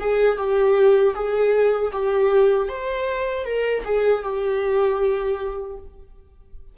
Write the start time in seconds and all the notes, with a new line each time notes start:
0.00 G#4
0.37 G4
1.15 G#4
1.92 G4
2.69 C5
3.45 A#4
3.85 G#4
4.23 G4